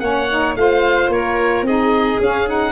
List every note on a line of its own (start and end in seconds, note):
0.00 0.56 A#3
0.00 0.28 C#4
0.00 0.58 C#5
0.00 0.55 F#5
0.30 0.57 D#4
0.56 1.09 A3
0.56 1.66 F4
0.56 1.14 C5
0.56 1.11 F5
1.09 1.62 A#3
1.09 1.67 A#4
1.09 1.66 C#5
1.62 2.17 C4
1.62 2.21 D#4
1.62 2.72 G#4
1.62 2.21 D#5
2.20 2.72 C#4
2.20 2.47 C#4
2.20 2.49 F5
2.47 2.72 D#4
2.47 2.72 F#5